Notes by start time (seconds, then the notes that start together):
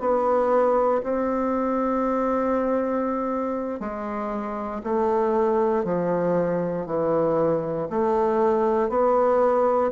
0.00 B3
1.03 C4
3.80 G#3
4.84 A3
5.84 F3
6.86 E3
7.90 A3
8.89 B3